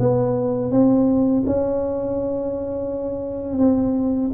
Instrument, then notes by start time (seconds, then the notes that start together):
tuba
0.00 B3
0.72 C4
1.47 C#4
3.59 C4